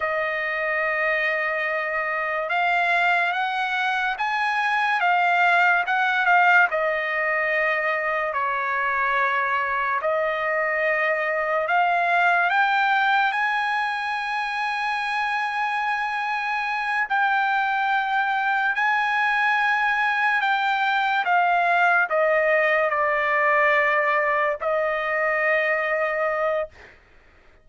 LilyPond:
\new Staff \with { instrumentName = "trumpet" } { \time 4/4 \tempo 4 = 72 dis''2. f''4 | fis''4 gis''4 f''4 fis''8 f''8 | dis''2 cis''2 | dis''2 f''4 g''4 |
gis''1~ | gis''8 g''2 gis''4.~ | gis''8 g''4 f''4 dis''4 d''8~ | d''4. dis''2~ dis''8 | }